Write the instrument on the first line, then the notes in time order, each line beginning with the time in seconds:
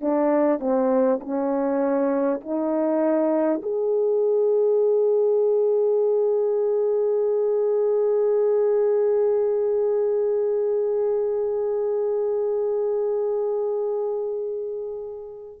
horn
0.00 D4
0.59 C4
1.20 C#4
2.40 D#4
3.62 G#4